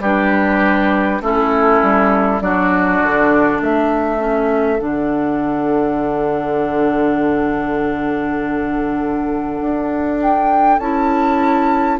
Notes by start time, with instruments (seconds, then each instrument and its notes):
0.00 bassoon G3, clarinet D4, oboe G4, flute B4
1.21 bassoon A3, clarinet C#4, oboe E4, flute A4
1.82 bassoon G3
2.41 bassoon F#3, clarinet D4, oboe F#4, flute D5
3.03 bassoon D3
3.61 bassoon A3, oboe A4, flute E5
4.18 clarinet C#4
4.79 bassoon D3, clarinet D4, flute F#5
9.61 bassoon D4
10.22 flute G5
10.79 bassoon C#4, clarinet E4, flute A5